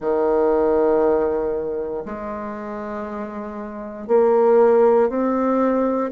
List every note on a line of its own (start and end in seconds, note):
0.00 2.04 D#3
2.05 4.07 G#3
4.07 5.08 A#3
5.08 6.10 C4